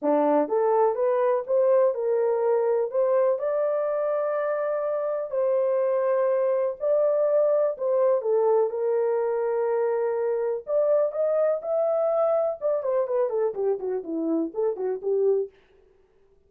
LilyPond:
\new Staff \with { instrumentName = "horn" } { \time 4/4 \tempo 4 = 124 d'4 a'4 b'4 c''4 | ais'2 c''4 d''4~ | d''2. c''4~ | c''2 d''2 |
c''4 a'4 ais'2~ | ais'2 d''4 dis''4 | e''2 d''8 c''8 b'8 a'8 | g'8 fis'8 e'4 a'8 fis'8 g'4 | }